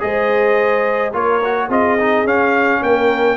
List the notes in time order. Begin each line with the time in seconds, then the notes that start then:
0.00 G#3 G#4 C5 D#5
1.13 A#3 F4 A#4 C#5
1.44 F#4
1.68 C4 F4 G#4 D#5
1.99 D#4
2.25 C#4 F5
2.82 A#3 A#4 G5